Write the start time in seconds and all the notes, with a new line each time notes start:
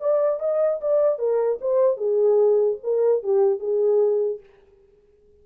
0.00 D5
0.40 D#5
0.81 D5
1.18 A#4
1.61 C5
1.97 G#4
2.83 A#4
3.23 G4
3.59 G#4